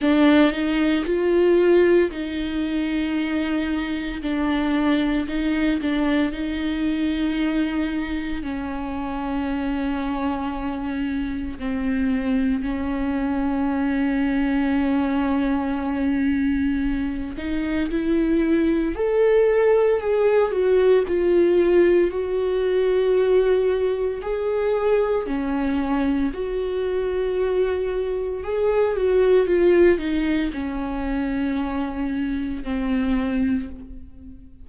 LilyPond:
\new Staff \with { instrumentName = "viola" } { \time 4/4 \tempo 4 = 57 d'8 dis'8 f'4 dis'2 | d'4 dis'8 d'8 dis'2 | cis'2. c'4 | cis'1~ |
cis'8 dis'8 e'4 a'4 gis'8 fis'8 | f'4 fis'2 gis'4 | cis'4 fis'2 gis'8 fis'8 | f'8 dis'8 cis'2 c'4 | }